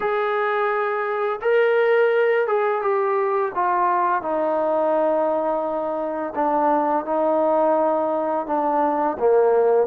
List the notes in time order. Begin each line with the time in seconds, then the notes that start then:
0.00 G#4
1.41 A#4
2.47 G#4
2.81 G4
3.55 F4
4.22 D#4
6.35 D4
7.05 D#4
8.46 D4
9.19 A#3